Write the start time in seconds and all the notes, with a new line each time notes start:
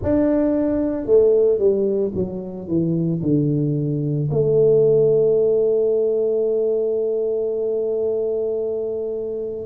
0.02 D4
1.05 A3
1.58 G3
2.14 F#3
2.67 E3
3.21 D3
4.31 A3